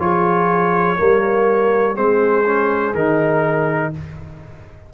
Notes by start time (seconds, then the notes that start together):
0.00 F3 F4 G#4 C#5
0.97 G3 A#3 A#4
1.95 G#3 C4 G#4 C5
2.46 C#4
2.94 D#3 D#4 A#4